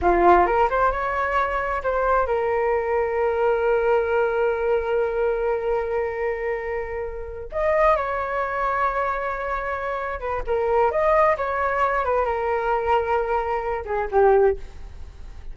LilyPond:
\new Staff \with { instrumentName = "flute" } { \time 4/4 \tempo 4 = 132 f'4 ais'8 c''8 cis''2 | c''4 ais'2.~ | ais'1~ | ais'1~ |
ais'8 dis''4 cis''2~ cis''8~ | cis''2~ cis''8 b'8 ais'4 | dis''4 cis''4. b'8 ais'4~ | ais'2~ ais'8 gis'8 g'4 | }